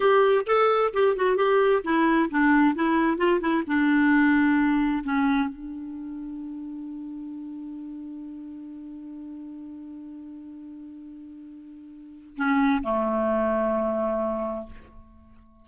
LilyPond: \new Staff \with { instrumentName = "clarinet" } { \time 4/4 \tempo 4 = 131 g'4 a'4 g'8 fis'8 g'4 | e'4 d'4 e'4 f'8 e'8 | d'2. cis'4 | d'1~ |
d'1~ | d'1~ | d'2. cis'4 | a1 | }